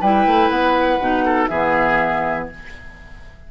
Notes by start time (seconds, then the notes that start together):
0.00 G3 E4 B4 G5
0.26 A3
0.49 B3 F#5
0.99 B2 D#4
1.24 A4
1.47 E3 B3 G#4 E5